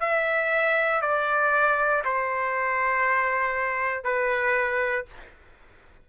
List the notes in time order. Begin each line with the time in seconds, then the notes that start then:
0.00 E5
1.01 D5
2.05 C5
4.04 B4